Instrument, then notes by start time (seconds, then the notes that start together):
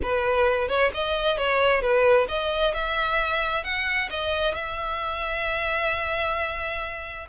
violin
0.02 B4
0.68 C#5
0.94 D#5
1.37 C#5
1.81 B4
2.28 D#5
2.74 E5
3.63 F#5
4.10 D#5
4.54 E5